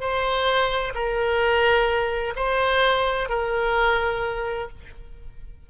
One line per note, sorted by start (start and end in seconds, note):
0.00 0.93 C5
0.94 2.34 A#4
2.36 3.29 C5
3.29 4.68 A#4